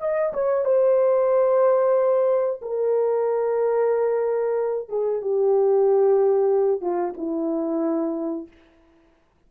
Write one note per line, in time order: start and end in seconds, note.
0.00 0.33 D#5
0.33 0.65 C#5
0.65 2.60 C5
2.61 4.89 A#4
4.89 5.21 G#4
5.21 6.81 G4
6.81 7.14 F4
7.17 8.48 E4